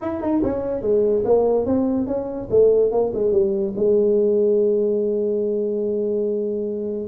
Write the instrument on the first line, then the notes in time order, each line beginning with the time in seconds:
tuba
0.01 E4
0.21 D#4
0.43 C#4
0.81 G#3
1.25 A#3
1.65 C4
2.06 C#4
2.50 A3
2.91 A#3
3.14 G#3
3.32 G3
3.76 G#3